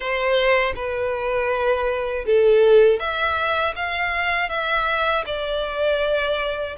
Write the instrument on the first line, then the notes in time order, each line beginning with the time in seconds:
violin
0.00 C5
0.75 B4
2.25 A4
2.99 E5
3.75 F5
4.49 E5
5.26 D5